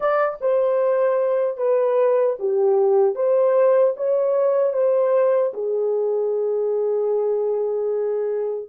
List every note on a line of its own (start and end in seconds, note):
0.00 0.38 D5
0.41 1.57 C5
1.57 2.36 B4
2.39 3.15 G4
3.15 3.94 C5
3.96 4.73 C#5
4.73 5.52 C5
5.53 8.69 G#4